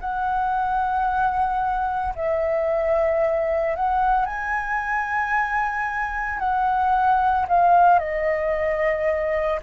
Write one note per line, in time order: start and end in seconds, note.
0.00 2.14 F#5
2.15 3.76 E5
3.76 4.25 F#5
4.25 6.39 G#5
6.39 7.46 F#5
7.48 7.99 F5
7.99 9.60 D#5